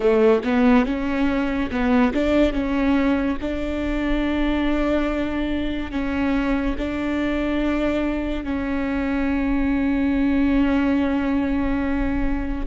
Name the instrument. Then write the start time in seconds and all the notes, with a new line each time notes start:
viola
0.00 A3
0.44 B3
0.85 C#4
1.70 B3
2.14 D4
2.52 C#4
3.41 D4
5.91 C#4
6.78 D4
8.44 C#4